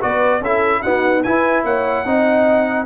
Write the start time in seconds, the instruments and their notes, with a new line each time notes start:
0.00 tuba B3, trombone F#4, horn B4, trumpet D5
0.41 tuba C#4, trombone E4, horn A4, trumpet E5
0.81 trombone B3, tuba D#4, horn F#4, trumpet F#5
1.23 tuba E4, trombone E4, horn B4, trumpet G#5
1.64 tuba A#3, horn C#5, trumpet F#5
2.04 tuba C4, trombone D#4, horn D#5